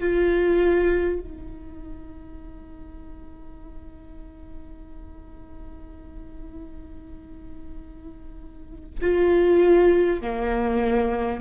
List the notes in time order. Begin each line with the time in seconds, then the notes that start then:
0.00 F4
1.19 D#4
9.02 F4
10.21 A#3